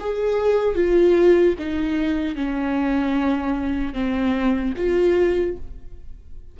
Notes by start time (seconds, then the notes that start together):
0.00 G#4
0.75 F4
1.59 D#4
2.36 C#4
3.94 C4
4.77 F4